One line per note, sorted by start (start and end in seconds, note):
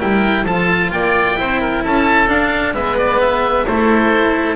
0.00 0.45 G3
0.00 0.46 E4
0.00 0.44 A#4
0.00 0.46 G5
0.44 0.91 F3
0.44 1.36 F4
0.44 0.90 A4
0.44 0.92 A5
0.92 1.37 A#3
0.92 1.39 D5
0.92 1.84 G5
1.36 1.85 C4
1.36 2.27 E4
1.36 1.61 C5
1.61 1.83 A#4
1.83 2.29 C#4
1.83 2.75 A4
1.83 2.30 A5
2.28 2.74 D4
2.28 2.73 D4
2.28 2.74 F5
2.73 3.65 G#3
2.73 3.66 B3
2.73 3.66 B4
2.73 2.97 E5
2.98 3.21 D5
3.21 3.67 E5
3.66 4.56 A3
3.66 4.56 E4
3.66 4.56 A4
3.66 4.56 C5